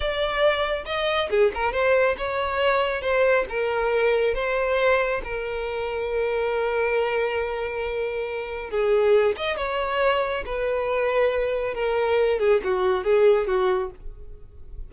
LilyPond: \new Staff \with { instrumentName = "violin" } { \time 4/4 \tempo 4 = 138 d''2 dis''4 gis'8 ais'8 | c''4 cis''2 c''4 | ais'2 c''2 | ais'1~ |
ais'1 | gis'4. dis''8 cis''2 | b'2. ais'4~ | ais'8 gis'8 fis'4 gis'4 fis'4 | }